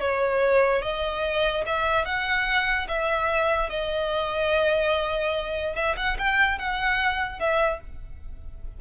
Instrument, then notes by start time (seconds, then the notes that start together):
violin
0.00 C#5
0.82 D#5
1.66 E5
2.05 F#5
2.88 E5
3.69 D#5
5.75 E5
5.97 F#5
6.18 G5
6.58 F#5
7.39 E5